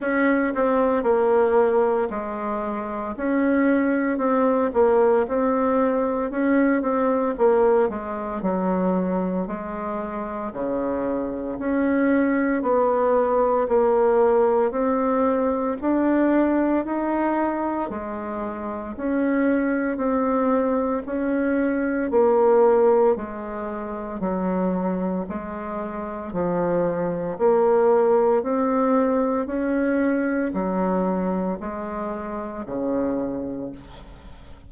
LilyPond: \new Staff \with { instrumentName = "bassoon" } { \time 4/4 \tempo 4 = 57 cis'8 c'8 ais4 gis4 cis'4 | c'8 ais8 c'4 cis'8 c'8 ais8 gis8 | fis4 gis4 cis4 cis'4 | b4 ais4 c'4 d'4 |
dis'4 gis4 cis'4 c'4 | cis'4 ais4 gis4 fis4 | gis4 f4 ais4 c'4 | cis'4 fis4 gis4 cis4 | }